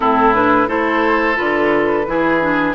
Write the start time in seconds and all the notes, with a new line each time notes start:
0.00 A2 C4 E4 A4
0.34 D4 B4
0.67 A3 E4 A4 C5
1.35 D3 F4 B4
2.06 E3 E4 G#4
2.41 D4